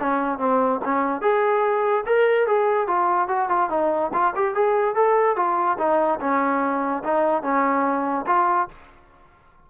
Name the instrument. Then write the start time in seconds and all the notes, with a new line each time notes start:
trombone
0.00 C#4
0.39 C4
0.85 C#4
1.22 G#4
2.07 A#4
2.47 G#4
2.88 F4
3.29 F#4
3.49 F4
3.70 D#4
4.14 F4
4.35 G4
4.55 G#4
4.95 A4
5.36 F4
5.78 D#4
6.21 C#4
7.04 D#4
7.43 C#4
8.27 F4